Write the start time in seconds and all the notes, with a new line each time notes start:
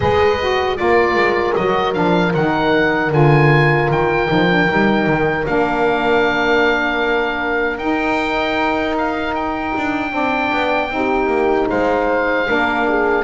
0.00 G#3 G#4 B4 D#5
0.40 F#4
0.76 A#3 F4 A#4 D5
1.14 G#3
1.55 F#3 F#4 D#5
1.93 F3 D4 F5
2.34 D#3 D#4 F#5
3.11 D3 F4 G#5
3.90 D#3 G5
4.27 F3 D#4
4.48 D4
4.67 G3 D#4
5.06 D#3
5.44 A#3 D4 F5
7.78 D#4 G5
8.98 F5
9.34 G5
9.77 D4
10.10 C4 D4 D5
10.52 B3
10.89 C4 D#4
10.95 G4
11.26 A#3
11.69 G#3 C5 F5
12.46 A#3 D4 A#4
12.88 G#4